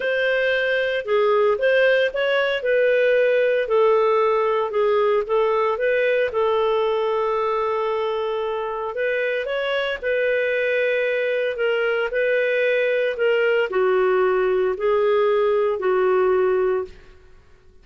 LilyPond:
\new Staff \with { instrumentName = "clarinet" } { \time 4/4 \tempo 4 = 114 c''2 gis'4 c''4 | cis''4 b'2 a'4~ | a'4 gis'4 a'4 b'4 | a'1~ |
a'4 b'4 cis''4 b'4~ | b'2 ais'4 b'4~ | b'4 ais'4 fis'2 | gis'2 fis'2 | }